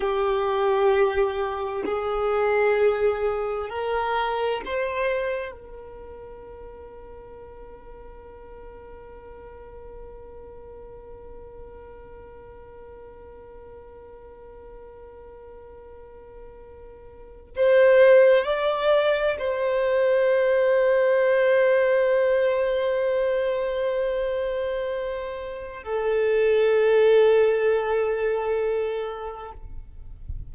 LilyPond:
\new Staff \with { instrumentName = "violin" } { \time 4/4 \tempo 4 = 65 g'2 gis'2 | ais'4 c''4 ais'2~ | ais'1~ | ais'1~ |
ais'2. c''4 | d''4 c''2.~ | c''1 | a'1 | }